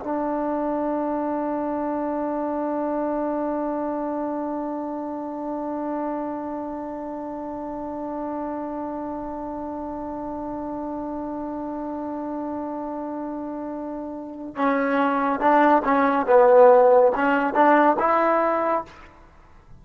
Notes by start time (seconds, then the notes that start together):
0.00 D4
14.56 C#4
15.40 D4
15.85 C#4
16.27 B3
17.15 C#4
17.54 D4
17.99 E4